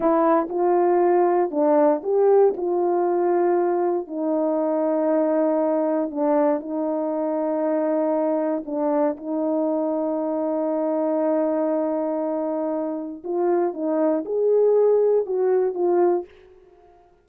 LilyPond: \new Staff \with { instrumentName = "horn" } { \time 4/4 \tempo 4 = 118 e'4 f'2 d'4 | g'4 f'2. | dis'1 | d'4 dis'2.~ |
dis'4 d'4 dis'2~ | dis'1~ | dis'2 f'4 dis'4 | gis'2 fis'4 f'4 | }